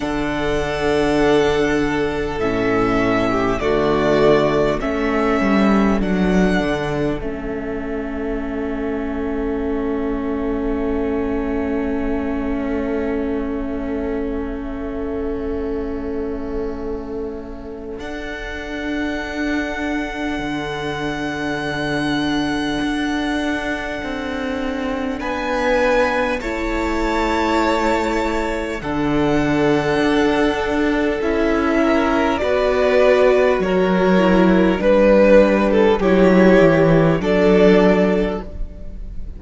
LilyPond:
<<
  \new Staff \with { instrumentName = "violin" } { \time 4/4 \tempo 4 = 50 fis''2 e''4 d''4 | e''4 fis''4 e''2~ | e''1~ | e''2. fis''4~ |
fis''1~ | fis''4 gis''4 a''2 | fis''2 e''4 d''4 | cis''4 b'4 cis''4 d''4 | }
  \new Staff \with { instrumentName = "violin" } { \time 4/4 a'2~ a'8. g'16 fis'4 | a'1~ | a'1~ | a'1~ |
a'1~ | a'4 b'4 cis''2 | a'2~ a'8 ais'8 b'4 | ais'4 b'8. a'16 g'4 a'4 | }
  \new Staff \with { instrumentName = "viola" } { \time 4/4 d'2 cis'4 a4 | cis'4 d'4 cis'2~ | cis'1~ | cis'2. d'4~ |
d'1~ | d'2 e'2 | d'2 e'4 fis'4~ | fis'8 e'8 d'4 e'4 d'4 | }
  \new Staff \with { instrumentName = "cello" } { \time 4/4 d2 a,4 d4 | a8 g8 fis8 d8 a2~ | a1~ | a2. d'4~ |
d'4 d2 d'4 | c'4 b4 a2 | d4 d'4 cis'4 b4 | fis4 g4 fis8 e8 fis4 | }
>>